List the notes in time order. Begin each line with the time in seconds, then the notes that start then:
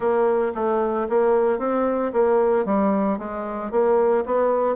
0.00 A#3
0.54 A3
1.09 A#3
1.59 C4
2.12 A#3
2.65 G3
3.18 G#3
3.71 A#3
4.25 B3